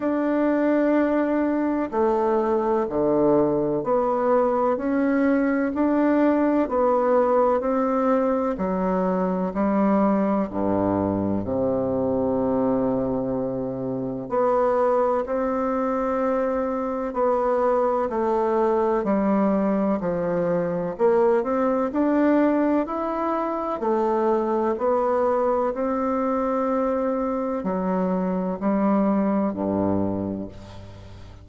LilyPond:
\new Staff \with { instrumentName = "bassoon" } { \time 4/4 \tempo 4 = 63 d'2 a4 d4 | b4 cis'4 d'4 b4 | c'4 fis4 g4 g,4 | c2. b4 |
c'2 b4 a4 | g4 f4 ais8 c'8 d'4 | e'4 a4 b4 c'4~ | c'4 fis4 g4 g,4 | }